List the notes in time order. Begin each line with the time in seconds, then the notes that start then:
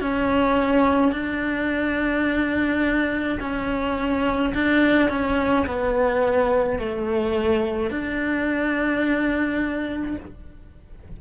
0.00 C#4
1.12 D4
3.40 C#4
4.54 D4
5.09 C#4
5.66 B3
6.79 A3
7.90 D4